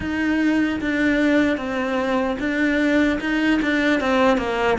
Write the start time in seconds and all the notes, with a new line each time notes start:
0.00 D#4
0.80 D4
1.57 C4
2.39 D4
3.20 D#4
3.62 D4
4.00 C4
4.37 A#3